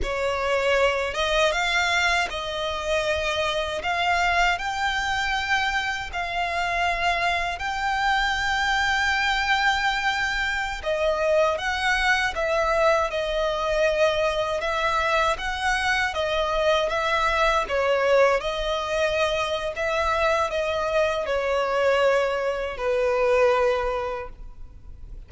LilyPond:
\new Staff \with { instrumentName = "violin" } { \time 4/4 \tempo 4 = 79 cis''4. dis''8 f''4 dis''4~ | dis''4 f''4 g''2 | f''2 g''2~ | g''2~ g''16 dis''4 fis''8.~ |
fis''16 e''4 dis''2 e''8.~ | e''16 fis''4 dis''4 e''4 cis''8.~ | cis''16 dis''4.~ dis''16 e''4 dis''4 | cis''2 b'2 | }